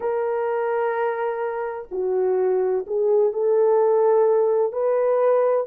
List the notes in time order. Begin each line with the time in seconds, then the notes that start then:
0.00 A#4
1.91 F#4
2.86 G#4
3.32 A4
4.72 B4